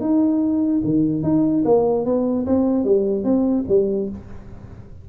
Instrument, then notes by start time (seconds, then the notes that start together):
tuba
0.00 D#4
0.84 D#3
1.23 D#4
1.65 A#3
2.05 B3
2.46 C4
2.84 G3
3.24 C4
3.68 G3